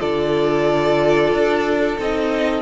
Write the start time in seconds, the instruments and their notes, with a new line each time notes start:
0.00 cello D3, viola F4, violin A4 D5
1.32 cello D4
1.99 cello C4, viola D#4, violin D#5